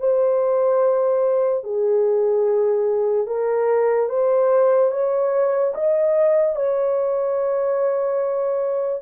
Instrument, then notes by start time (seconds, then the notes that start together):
horn
0.00 C5
1.64 G#4
3.27 A#4
4.09 C5
4.92 C#5
5.75 D#5
6.56 C#5